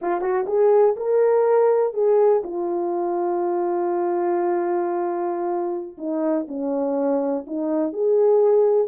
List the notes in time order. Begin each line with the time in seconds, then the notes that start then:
0.01 F4
0.21 F#4
0.46 G#4
0.96 A#4
1.93 G#4
2.43 F4
5.97 D#4
6.48 C#4
7.46 D#4
7.92 G#4